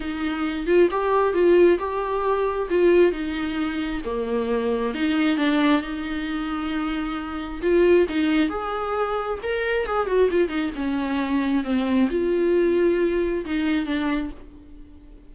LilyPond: \new Staff \with { instrumentName = "viola" } { \time 4/4 \tempo 4 = 134 dis'4. f'8 g'4 f'4 | g'2 f'4 dis'4~ | dis'4 ais2 dis'4 | d'4 dis'2.~ |
dis'4 f'4 dis'4 gis'4~ | gis'4 ais'4 gis'8 fis'8 f'8 dis'8 | cis'2 c'4 f'4~ | f'2 dis'4 d'4 | }